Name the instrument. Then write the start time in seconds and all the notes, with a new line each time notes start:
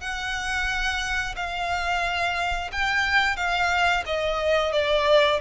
violin
0.00 F#5
1.36 F5
2.72 G5
3.36 F5
4.06 D#5
4.72 D5